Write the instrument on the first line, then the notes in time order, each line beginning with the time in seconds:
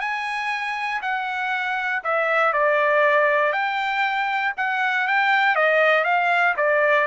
trumpet
0.00 G#5
1.02 F#5
2.04 E5
2.53 D5
3.52 G5
4.57 F#5
5.07 G5
5.55 D#5
6.04 F5
6.56 D5